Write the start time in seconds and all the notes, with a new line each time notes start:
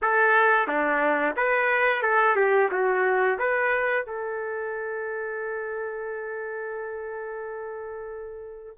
0.02 A4
0.67 D4
1.36 B4
2.02 A4
2.36 G4
2.71 F#4
3.38 B4
4.06 A4